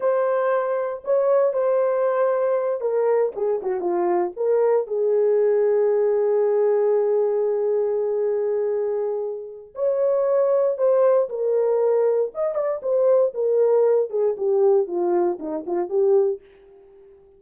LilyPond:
\new Staff \with { instrumentName = "horn" } { \time 4/4 \tempo 4 = 117 c''2 cis''4 c''4~ | c''4. ais'4 gis'8 fis'8 f'8~ | f'8 ais'4 gis'2~ gis'8~ | gis'1~ |
gis'2. cis''4~ | cis''4 c''4 ais'2 | dis''8 d''8 c''4 ais'4. gis'8 | g'4 f'4 dis'8 f'8 g'4 | }